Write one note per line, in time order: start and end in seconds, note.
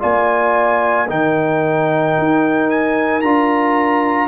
0.00 1.10 A#3
0.00 1.07 F4
0.00 1.08 D5
0.00 1.10 G#5
1.08 2.18 D#3
1.08 3.23 D#4
1.08 4.28 A#4
1.08 2.70 G5
2.18 3.23 D#4
2.70 3.21 G#5
3.21 4.28 D4
3.21 4.28 F4
3.21 4.28 A#5